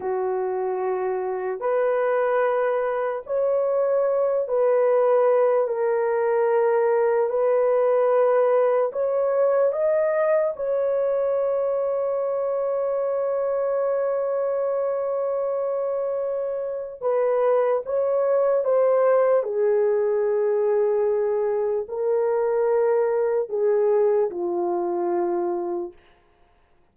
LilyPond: \new Staff \with { instrumentName = "horn" } { \time 4/4 \tempo 4 = 74 fis'2 b'2 | cis''4. b'4. ais'4~ | ais'4 b'2 cis''4 | dis''4 cis''2.~ |
cis''1~ | cis''4 b'4 cis''4 c''4 | gis'2. ais'4~ | ais'4 gis'4 f'2 | }